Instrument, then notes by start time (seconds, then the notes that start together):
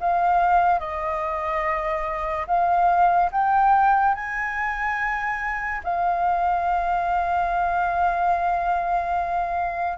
flute
0.00 F5
0.79 D#5
2.47 F5
3.32 G5
4.14 G#5
5.84 F5